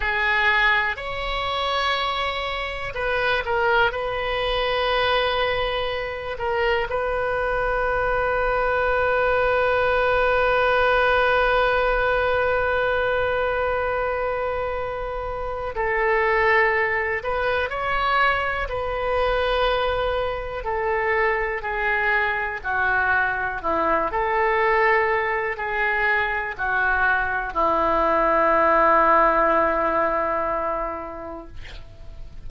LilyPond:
\new Staff \with { instrumentName = "oboe" } { \time 4/4 \tempo 4 = 61 gis'4 cis''2 b'8 ais'8 | b'2~ b'8 ais'8 b'4~ | b'1~ | b'1 |
a'4. b'8 cis''4 b'4~ | b'4 a'4 gis'4 fis'4 | e'8 a'4. gis'4 fis'4 | e'1 | }